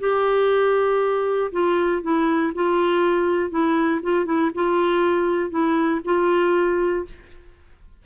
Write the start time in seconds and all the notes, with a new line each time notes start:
0.00 G4
1.52 F4
2.02 E4
2.55 F4
3.50 E4
4.03 F4
4.26 E4
4.55 F4
5.50 E4
6.05 F4